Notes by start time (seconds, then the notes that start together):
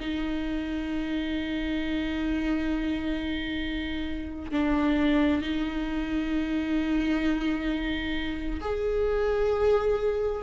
0.00 D#4
4.52 D4
5.42 D#4
8.61 G#4